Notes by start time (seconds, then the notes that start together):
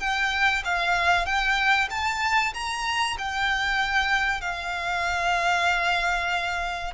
0.00 G5
0.65 F5
1.26 G5
1.91 A5
2.54 A#5
3.18 G5
4.41 F5